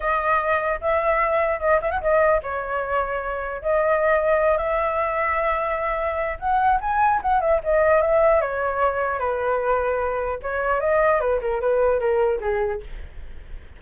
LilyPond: \new Staff \with { instrumentName = "flute" } { \time 4/4 \tempo 4 = 150 dis''2 e''2 | dis''8 e''16 fis''16 dis''4 cis''2~ | cis''4 dis''2~ dis''8 e''8~ | e''1 |
fis''4 gis''4 fis''8 e''8 dis''4 | e''4 cis''2 b'4~ | b'2 cis''4 dis''4 | b'8 ais'8 b'4 ais'4 gis'4 | }